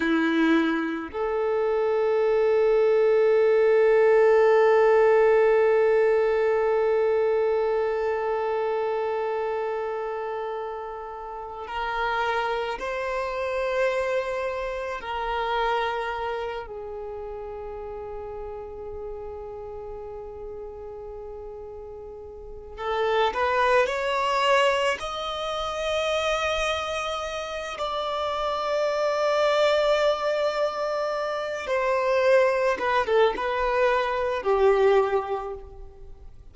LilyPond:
\new Staff \with { instrumentName = "violin" } { \time 4/4 \tempo 4 = 54 e'4 a'2.~ | a'1~ | a'2~ a'8 ais'4 c''8~ | c''4. ais'4. gis'4~ |
gis'1~ | gis'8 a'8 b'8 cis''4 dis''4.~ | dis''4 d''2.~ | d''8 c''4 b'16 a'16 b'4 g'4 | }